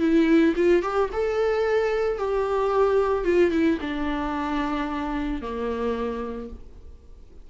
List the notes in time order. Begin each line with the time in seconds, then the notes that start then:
0.00 E4
0.56 F4
0.83 G4
1.13 A4
2.18 G4
3.25 F4
3.52 E4
3.81 D4
5.42 A#3